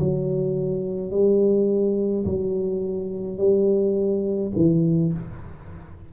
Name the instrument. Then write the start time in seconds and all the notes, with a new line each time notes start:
tuba
0.00 F#3
1.11 G3
2.26 F#3
3.38 G3
4.56 E3